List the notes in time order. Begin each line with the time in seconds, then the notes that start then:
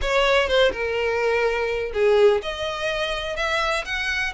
0.01 C#5
0.47 C5
0.72 A#4
1.93 G#4
2.42 D#5
3.36 E5
3.85 F#5